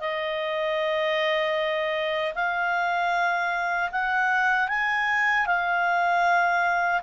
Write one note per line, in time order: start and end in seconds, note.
0.00 2.34 D#5
2.34 3.90 F5
3.91 4.68 F#5
4.68 5.46 G#5
5.46 7.02 F5